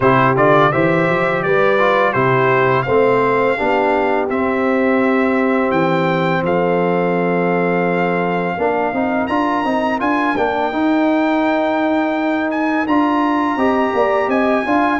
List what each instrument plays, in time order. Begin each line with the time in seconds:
0.00 tuba C3, trombone E4, horn G4, trumpet C5
0.36 tuba D3, trombone F4, trumpet D5
0.72 tuba E3, trombone G4, horn C5, trumpet E5
1.09 tuba F3
1.43 tuba G3, horn B4, trumpet D5
1.78 trombone F4
2.12 tuba C3, trombone E4, horn G4, trumpet C5
2.82 tuba A3, horn C5, trumpet F5
2.88 trombone C4
3.56 tuba B3, trombone D4, horn G4
4.29 trombone C4, tuba C4, trumpet E5
5.70 tuba E3, trumpet G5
6.42 tuba F3, horn A4, trumpet F5
8.56 tuba A#3, trombone D4, horn A#4
8.92 tuba C4, trombone D#4
9.27 tuba D4, trombone F4, trumpet A#5
9.64 tuba C4, trombone D#4
9.99 tuba D4, trombone F4, trumpet G#5
10.36 tuba A#3, trombone D4, trumpet G5
10.72 trombone D#4, tuba D#4
12.50 trumpet G#5
12.86 tuba D4, trombone F4, trumpet A#5
13.56 tuba C4, trombone G4, horn D#5
13.93 tuba A#3, horn D5
14.27 tuba C4, horn D#5, trumpet G#5
14.65 tuba D4, trombone F4, horn F5